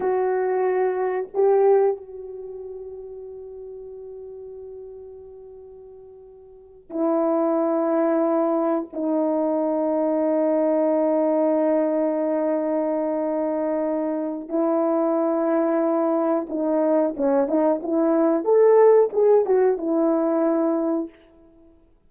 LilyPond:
\new Staff \with { instrumentName = "horn" } { \time 4/4 \tempo 4 = 91 fis'2 g'4 fis'4~ | fis'1~ | fis'2~ fis'8 e'4.~ | e'4. dis'2~ dis'8~ |
dis'1~ | dis'2 e'2~ | e'4 dis'4 cis'8 dis'8 e'4 | a'4 gis'8 fis'8 e'2 | }